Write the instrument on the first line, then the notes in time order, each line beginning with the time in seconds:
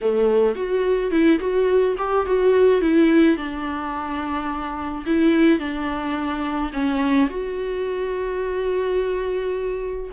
viola
0.01 A3
0.55 F#4
1.11 E4
1.39 F#4
1.98 G4
2.26 F#4
2.81 E4
3.36 D4
5.06 E4
5.59 D4
6.72 C#4
7.29 F#4